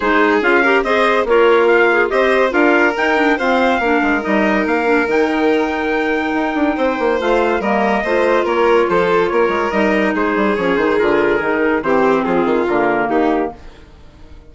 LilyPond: <<
  \new Staff \with { instrumentName = "trumpet" } { \time 4/4 \tempo 4 = 142 c''4 f''4 dis''4 cis''4 | f''4 dis''4 f''4 g''4 | f''2 dis''4 f''4 | g''1~ |
g''4 f''4 dis''2 | cis''4 c''4 cis''4 dis''4 | c''4 cis''8 c''8 ais'2 | c''4 gis'4 ais'4 g'4 | }
  \new Staff \with { instrumentName = "violin" } { \time 4/4 gis'4. ais'8 c''4 f'4~ | f'4 c''4 ais'2 | c''4 ais'2.~ | ais'1 |
c''2 ais'4 c''4 | ais'4 a'4 ais'2 | gis'1 | g'4 f'2 dis'4 | }
  \new Staff \with { instrumentName = "clarinet" } { \time 4/4 dis'4 f'8 g'8 gis'4 ais'4~ | ais'8 gis'8 g'4 f'4 dis'8 d'8 | c'4 d'4 dis'4. d'8 | dis'1~ |
dis'4 f'4 ais4 f'4~ | f'2. dis'4~ | dis'4 cis'8 dis'8 f'4 dis'4 | c'2 ais2 | }
  \new Staff \with { instrumentName = "bassoon" } { \time 4/4 gis4 cis'4 c'4 ais4~ | ais4 c'4 d'4 dis'4 | f'4 ais8 gis8 g4 ais4 | dis2. dis'8 d'8 |
c'8 ais8 a4 g4 a4 | ais4 f4 ais8 gis8 g4 | gis8 g8 f8 dis8 d4 dis4 | e4 f8 dis8 d4 dis4 | }
>>